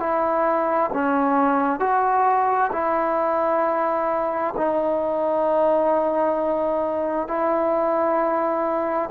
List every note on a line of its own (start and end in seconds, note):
0.00 0.91 E4
0.94 1.80 C#4
1.80 2.71 F#4
2.73 4.55 E4
4.57 7.28 D#4
7.28 9.10 E4